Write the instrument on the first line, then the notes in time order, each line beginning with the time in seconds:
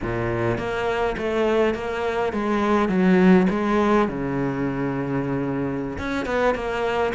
cello
0.02 A#2
0.57 A#3
1.17 A3
1.74 A#3
2.32 G#3
2.88 F#3
3.50 G#3
4.08 C#3
5.98 C#4
6.25 B3
6.55 A#3